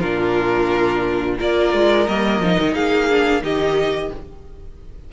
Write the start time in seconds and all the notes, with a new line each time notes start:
0.00 A#2 D4 F4 A#4
1.39 A#3 F4 A#4 D5
1.73 G#3
2.08 G3 A#3 D#5
2.40 F3 D#4
2.59 D#3
2.74 A#3 G#4 F5
3.09 D4
3.41 D#3 D#4 G4 D#5